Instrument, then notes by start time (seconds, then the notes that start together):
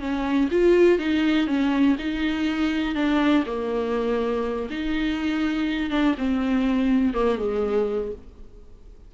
viola
0.00 C#4
0.51 F4
0.99 D#4
1.47 C#4
1.99 D#4
2.95 D4
3.46 A#3
4.70 D#4
5.90 D4
6.18 C4
7.14 A#3
7.38 G#3